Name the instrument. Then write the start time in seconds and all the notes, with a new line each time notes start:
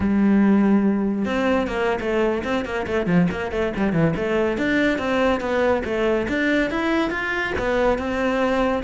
cello
0.00 G3
1.25 C4
1.67 A#3
2.00 A3
2.44 C4
2.65 A#3
2.86 A3
3.06 F3
3.31 A#3
3.51 A3
3.76 G3
3.92 E3
4.16 A3
4.57 D4
4.98 C4
5.40 B3
5.84 A3
6.28 D4
6.70 E4
7.10 F4
7.58 B3
7.98 C4